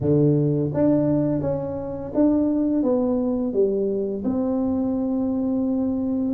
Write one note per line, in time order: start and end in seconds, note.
0.00 0.71 D3
0.73 1.41 D4
1.41 2.11 C#4
2.14 2.82 D4
2.82 3.53 B3
3.53 4.23 G3
4.24 6.33 C4